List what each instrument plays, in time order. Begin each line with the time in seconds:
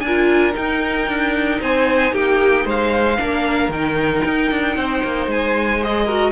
0.00 cello D4, violin A#4 G#5
0.07 viola F4
0.53 viola D#4, cello D#4, violin G5
1.08 cello D4
1.61 cello C4, violin C5 G#5
2.13 cello A#3, violin G4 G5
2.65 cello G#3, violin C5 F5
3.19 cello A#3, viola D4, violin A#4
3.69 cello D#3, viola D#4, violin G5
4.25 cello D#4
4.51 cello D4
4.76 cello C4, violin C5
5.03 cello A#3
5.27 cello G#3, violin G#5
5.82 viola G#4, violin D#5
6.05 viola F#4, violin A#4